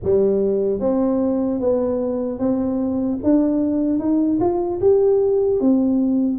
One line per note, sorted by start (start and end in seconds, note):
0.03 0.80 G3
0.80 1.60 C4
1.60 2.38 B3
2.38 3.18 C4
3.23 3.99 D4
3.99 4.39 D#4
4.40 4.80 F4
4.80 5.60 G4
5.60 6.38 C4